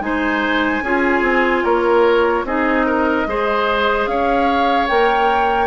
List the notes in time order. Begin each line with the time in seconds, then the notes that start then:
0.00 G#3 D#4 C5 G#5
0.82 C#4 F4 G#4
1.21 C4
1.64 A#3 A#4 C#5
2.44 C4 D#4 G#4 D#5
2.86 A#4
3.27 G#3 G#4 C5
4.06 C#4 C#5 F5
4.88 A#3 A#4 G5